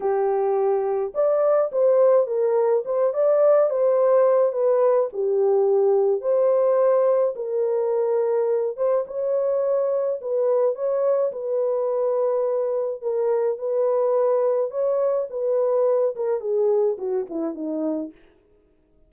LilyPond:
\new Staff \with { instrumentName = "horn" } { \time 4/4 \tempo 4 = 106 g'2 d''4 c''4 | ais'4 c''8 d''4 c''4. | b'4 g'2 c''4~ | c''4 ais'2~ ais'8 c''8 |
cis''2 b'4 cis''4 | b'2. ais'4 | b'2 cis''4 b'4~ | b'8 ais'8 gis'4 fis'8 e'8 dis'4 | }